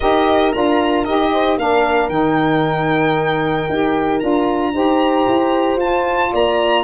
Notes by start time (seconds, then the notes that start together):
0.00 D#4 G4 A#4 D#5
0.52 D4 F4 A#5
1.04 D#4 G4 D#5
1.32 C5
1.57 A#3 D4 A#4 F5
2.09 D#3 D#4 G5
3.69 D#4 G4
4.19 D4 F4 A#5
4.73 D#4 G4 C5
5.27 E4
5.76 F4 A5
6.31 A#3 D5 A#5